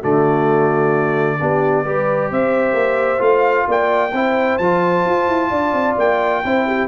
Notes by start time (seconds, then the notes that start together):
0.00 D3 A3 F#4 D5
1.40 B3 D4 G4
1.86 G3 G4 B4
2.30 C4 C5 E5
2.74 A#3
3.18 A3 F4 F5
3.68 A#3 D5 G5
4.13 C4 E4 C5
4.58 F3 F4 A5
5.06 F4
5.28 E4
5.51 D4 D5
5.73 C4
5.98 A#3 G5
6.45 C4 E4 C5
6.67 G4